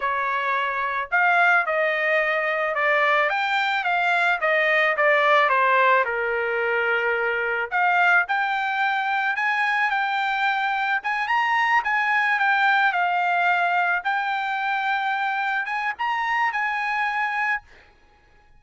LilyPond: \new Staff \with { instrumentName = "trumpet" } { \time 4/4 \tempo 4 = 109 cis''2 f''4 dis''4~ | dis''4 d''4 g''4 f''4 | dis''4 d''4 c''4 ais'4~ | ais'2 f''4 g''4~ |
g''4 gis''4 g''2 | gis''8 ais''4 gis''4 g''4 f''8~ | f''4. g''2~ g''8~ | g''8 gis''8 ais''4 gis''2 | }